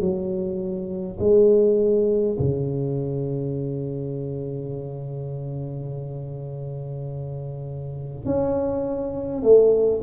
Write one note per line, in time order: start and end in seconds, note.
0.00 1.18 F#3
1.20 2.37 G#3
2.39 8.26 C#3
8.26 9.43 C#4
9.43 10.02 A3